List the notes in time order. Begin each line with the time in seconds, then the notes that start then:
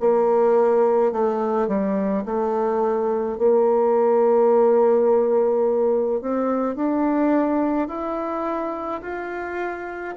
0.00 A#3
1.12 A3
1.68 G3
2.25 A3
3.38 A#3
6.22 C4
6.76 D4
7.88 E4
9.02 F4